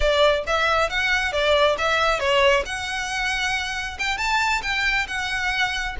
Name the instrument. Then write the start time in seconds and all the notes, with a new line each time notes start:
violin
0.00 D5
0.46 E5
0.89 F#5
1.32 D5
1.78 E5
2.19 C#5
2.65 F#5
3.98 G5
4.17 A5
4.62 G5
5.07 F#5